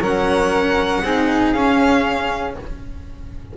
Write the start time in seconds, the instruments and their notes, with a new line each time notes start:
0.00 double bass F#3, cello C#4, flute A#4, violin F#5
1.03 double bass C4, cello D#4, flute G#4
1.52 double bass C#4, cello C#4, violin F5